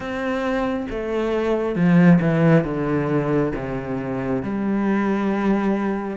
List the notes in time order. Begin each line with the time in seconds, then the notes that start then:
0.00 C4
0.90 A3
1.75 F3
2.21 E3
2.64 D3
3.55 C3
4.42 G3